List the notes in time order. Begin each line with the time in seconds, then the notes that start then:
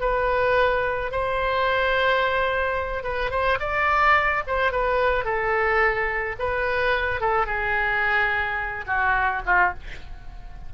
0.00 B4
1.11 C5
3.03 B4
3.30 C5
3.59 D5
4.47 C5
4.71 B4
5.24 A4
6.39 B4
7.20 A4
7.46 G#4
8.86 F#4
9.46 F4